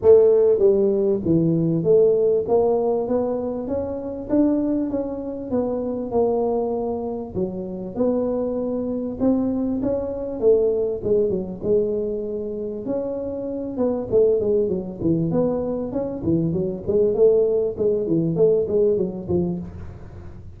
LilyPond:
\new Staff \with { instrumentName = "tuba" } { \time 4/4 \tempo 4 = 98 a4 g4 e4 a4 | ais4 b4 cis'4 d'4 | cis'4 b4 ais2 | fis4 b2 c'4 |
cis'4 a4 gis8 fis8 gis4~ | gis4 cis'4. b8 a8 gis8 | fis8 e8 b4 cis'8 e8 fis8 gis8 | a4 gis8 e8 a8 gis8 fis8 f8 | }